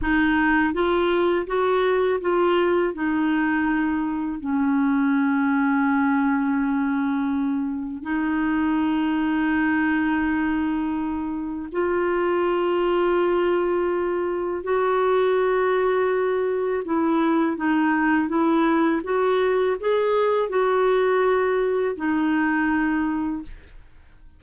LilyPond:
\new Staff \with { instrumentName = "clarinet" } { \time 4/4 \tempo 4 = 82 dis'4 f'4 fis'4 f'4 | dis'2 cis'2~ | cis'2. dis'4~ | dis'1 |
f'1 | fis'2. e'4 | dis'4 e'4 fis'4 gis'4 | fis'2 dis'2 | }